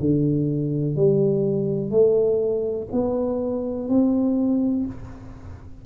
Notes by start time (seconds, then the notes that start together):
0.00 D3
0.96 G3
1.90 A3
2.92 B3
3.89 C4